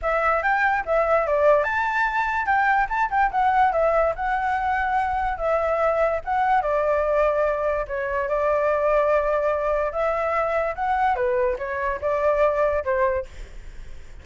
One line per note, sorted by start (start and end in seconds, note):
0.02 0.43 E5
0.43 0.84 G5
0.85 1.26 E5
1.26 1.63 D5
1.63 2.45 A5
2.45 2.87 G5
2.89 3.09 A5
3.10 3.30 G5
3.31 3.72 F#5
3.72 4.13 E5
4.15 5.37 F#5
5.37 6.20 E5
6.24 6.61 F#5
6.61 7.85 D5
7.87 8.28 C#5
8.28 9.91 D5
9.91 10.74 E5
10.75 11.15 F#5
11.15 11.57 B4
11.58 12.00 C#5
12.01 12.84 D5
12.84 13.25 C5